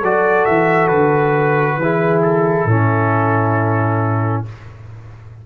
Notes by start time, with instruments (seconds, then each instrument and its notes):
0.00 tuba F#3, trombone F#4, horn A4, trumpet D5
0.45 tuba E3, trumpet E5
0.88 tuba D3, trumpet B4
1.77 tuba E3, trombone E4, horn G#4
2.22 trumpet A4
2.65 tuba A2, trombone C#4, horn E4